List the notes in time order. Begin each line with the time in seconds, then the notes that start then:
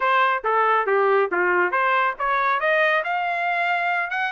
0.00 C5
0.43 A4
0.86 G4
1.31 F4
1.71 C5
2.19 C#5
2.60 D#5
3.03 F5
4.10 F#5